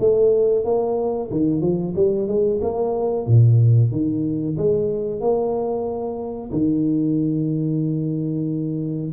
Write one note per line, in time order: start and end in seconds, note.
0.00 0.65 A3
0.65 1.30 A#3
1.31 1.61 D#3
1.61 1.94 F3
1.96 2.28 G3
2.28 2.60 G#3
2.62 3.27 A#3
3.27 3.91 A#2
3.91 4.57 D#3
4.58 5.21 G#3
5.21 6.51 A#3
6.52 9.13 D#3